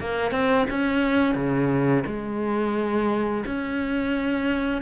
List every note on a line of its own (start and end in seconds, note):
0.00 0.31 A#3
0.31 0.65 C4
0.69 1.34 C#4
1.34 2.03 C#3
2.06 3.44 G#3
3.45 4.81 C#4